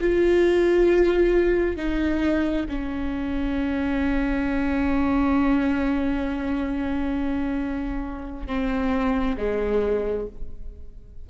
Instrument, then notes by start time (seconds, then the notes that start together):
viola
0.00 F4
1.76 D#4
2.69 C#4
8.47 C4
9.37 G#3